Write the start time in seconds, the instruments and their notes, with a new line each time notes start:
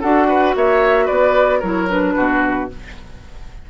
0.00 bassoon D4, clarinet F#4, oboe A4, flute F#5
0.28 oboe B4
0.55 bassoon A#3, oboe C#5, flute E5
1.05 bassoon B3, oboe B4, flute D5
1.60 bassoon F#3, clarinet E4, oboe A#4, flute C#5
1.88 clarinet D4, flute B4
2.16 bassoon B2, oboe F#4